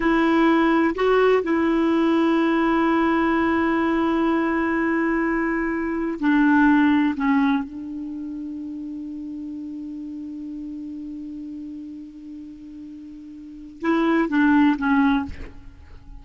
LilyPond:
\new Staff \with { instrumentName = "clarinet" } { \time 4/4 \tempo 4 = 126 e'2 fis'4 e'4~ | e'1~ | e'1~ | e'4 d'2 cis'4 |
d'1~ | d'1~ | d'1~ | d'4 e'4 d'4 cis'4 | }